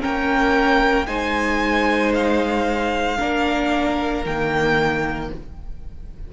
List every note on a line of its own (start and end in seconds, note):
0.00 1.07 A#3
0.00 1.05 C#4
0.00 1.06 A#4
0.00 1.06 G5
1.06 3.18 G#3
1.06 3.17 D#4
1.06 3.18 C5
1.06 2.12 G#5
2.14 4.24 F5
3.18 4.25 A#3
3.18 4.24 D4
3.18 5.29 A#4
4.25 5.30 D#3
4.25 5.33 A#3
4.25 5.31 G5